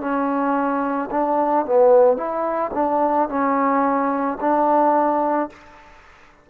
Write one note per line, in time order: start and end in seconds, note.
0.00 1.09 C#4
1.11 1.66 D4
1.66 2.17 B3
2.17 2.72 E4
2.74 3.29 D4
3.29 4.38 C#4
4.41 5.50 D4